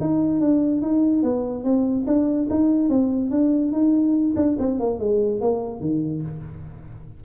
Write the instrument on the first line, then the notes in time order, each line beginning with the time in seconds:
tuba
0.00 D#4
0.40 D4
0.81 D#4
1.23 B3
1.63 C4
2.06 D4
2.50 D#4
2.89 C4
3.30 D4
3.72 D#4
4.35 D4
4.58 C4
4.79 A#3
4.99 G#3
5.40 A#3
5.80 D#3